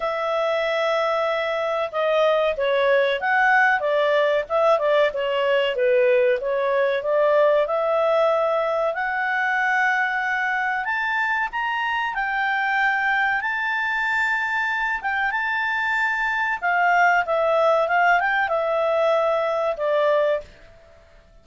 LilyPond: \new Staff \with { instrumentName = "clarinet" } { \time 4/4 \tempo 4 = 94 e''2. dis''4 | cis''4 fis''4 d''4 e''8 d''8 | cis''4 b'4 cis''4 d''4 | e''2 fis''2~ |
fis''4 a''4 ais''4 g''4~ | g''4 a''2~ a''8 g''8 | a''2 f''4 e''4 | f''8 g''8 e''2 d''4 | }